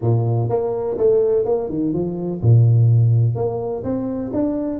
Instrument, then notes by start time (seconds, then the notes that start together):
tuba
0.01 A#2
0.49 A#3
0.97 A3
1.45 A#3
1.69 D#3
1.93 F3
2.41 A#2
3.35 A#3
3.83 C4
4.33 D4